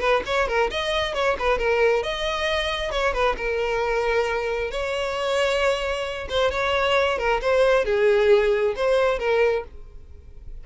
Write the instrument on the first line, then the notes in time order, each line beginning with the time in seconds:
violin
0.00 B4
0.26 C#5
0.48 A#4
0.70 D#5
1.14 C#5
1.39 B4
1.58 A#4
2.03 D#5
2.91 C#5
3.13 B4
3.37 A#4
4.71 C#5
6.30 C5
6.51 C#5
7.18 A#4
7.41 C5
7.85 G#4
8.76 C5
9.19 A#4